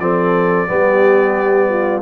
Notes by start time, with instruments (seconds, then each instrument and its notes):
0.00 tuba F3, trombone C4, horn A4, trumpet D5
0.68 tuba G3, trombone B3, horn G4
1.69 horn F4